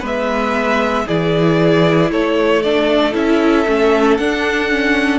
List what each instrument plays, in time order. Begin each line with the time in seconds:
0.00 cello G#3, viola B3, violin B4
0.06 violin E5
1.07 cello E3, viola E4, violin G#4 D5
2.11 cello A3, violin A4 C#5
2.62 viola D4, violin D5
3.12 cello C#4, viola E4, violin E5
3.67 cello A3, viola C#4
4.17 cello D4, viola D4, violin F#5
4.70 viola C#4